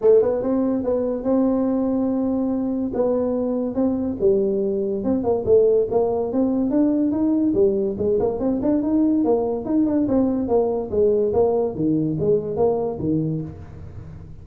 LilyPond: \new Staff \with { instrumentName = "tuba" } { \time 4/4 \tempo 4 = 143 a8 b8 c'4 b4 c'4~ | c'2. b4~ | b4 c'4 g2 | c'8 ais8 a4 ais4 c'4 |
d'4 dis'4 g4 gis8 ais8 | c'8 d'8 dis'4 ais4 dis'8 d'8 | c'4 ais4 gis4 ais4 | dis4 gis4 ais4 dis4 | }